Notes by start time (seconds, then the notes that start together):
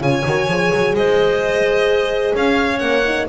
0.00 C#3 F4 C#5 G#5
0.25 D#3 F#4
0.47 F3 G#4
0.73 F#3
0.93 G#3 C5 D#5
2.34 C#4 C#5 F5
2.79 A#3 C#4 F#5
3.05 D#4